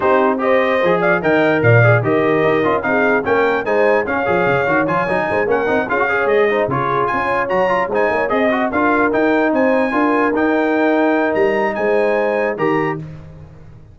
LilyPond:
<<
  \new Staff \with { instrumentName = "trumpet" } { \time 4/4 \tempo 4 = 148 c''4 dis''4. f''8 g''4 | f''4 dis''2 f''4 | g''4 gis''4 f''2 | gis''4. fis''4 f''4 dis''8~ |
dis''8 cis''4 gis''4 ais''4 gis''8~ | gis''8 dis''4 f''4 g''4 gis''8~ | gis''4. g''2~ g''8 | ais''4 gis''2 ais''4 | }
  \new Staff \with { instrumentName = "horn" } { \time 4/4 g'4 c''4. d''8 dis''4 | d''4 ais'2 gis'4 | ais'4 c''4 cis''2~ | cis''4 c''8 ais'4 gis'8 cis''4 |
c''8 gis'4 cis''2 c''8 | cis''8 dis''4 ais'2 c''8~ | c''8 ais'2.~ ais'8~ | ais'4 c''2 ais'4 | }
  \new Staff \with { instrumentName = "trombone" } { \time 4/4 dis'4 g'4 gis'4 ais'4~ | ais'8 gis'8 g'4. f'8 dis'4 | cis'4 dis'4 cis'8 gis'4 fis'8 | f'8 dis'4 cis'8 dis'8 f'16 fis'16 gis'4 |
dis'8 f'2 fis'8 f'8 dis'8~ | dis'8 gis'8 fis'8 f'4 dis'4.~ | dis'8 f'4 dis'2~ dis'8~ | dis'2. g'4 | }
  \new Staff \with { instrumentName = "tuba" } { \time 4/4 c'2 f4 dis4 | ais,4 dis4 dis'8 cis'8 c'4 | ais4 gis4 cis'8 f8 cis8 dis8 | f8 fis8 gis8 ais8 c'8 cis'4 gis8~ |
gis8 cis4 cis'4 fis4 gis8 | ais8 c'4 d'4 dis'4 c'8~ | c'8 d'4 dis'2~ dis'8 | g4 gis2 dis4 | }
>>